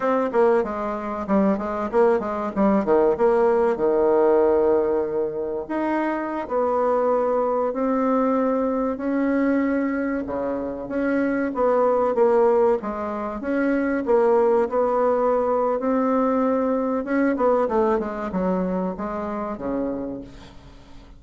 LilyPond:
\new Staff \with { instrumentName = "bassoon" } { \time 4/4 \tempo 4 = 95 c'8 ais8 gis4 g8 gis8 ais8 gis8 | g8 dis8 ais4 dis2~ | dis4 dis'4~ dis'16 b4.~ b16~ | b16 c'2 cis'4.~ cis'16~ |
cis'16 cis4 cis'4 b4 ais8.~ | ais16 gis4 cis'4 ais4 b8.~ | b4 c'2 cis'8 b8 | a8 gis8 fis4 gis4 cis4 | }